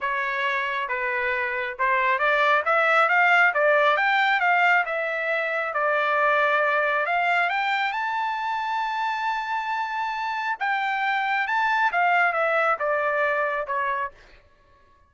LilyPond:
\new Staff \with { instrumentName = "trumpet" } { \time 4/4 \tempo 4 = 136 cis''2 b'2 | c''4 d''4 e''4 f''4 | d''4 g''4 f''4 e''4~ | e''4 d''2. |
f''4 g''4 a''2~ | a''1 | g''2 a''4 f''4 | e''4 d''2 cis''4 | }